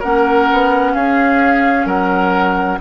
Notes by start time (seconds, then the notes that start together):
0.00 A#3 C#4 A#4 F#5
0.52 B3
0.95 C#4 G#4 F5
1.86 F#3 A#4 F#5